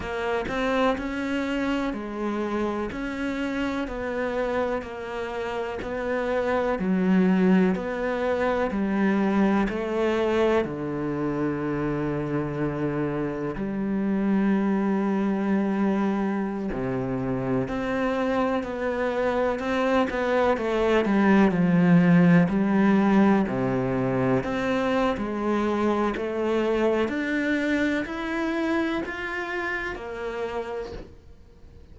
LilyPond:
\new Staff \with { instrumentName = "cello" } { \time 4/4 \tempo 4 = 62 ais8 c'8 cis'4 gis4 cis'4 | b4 ais4 b4 fis4 | b4 g4 a4 d4~ | d2 g2~ |
g4~ g16 c4 c'4 b8.~ | b16 c'8 b8 a8 g8 f4 g8.~ | g16 c4 c'8. gis4 a4 | d'4 e'4 f'4 ais4 | }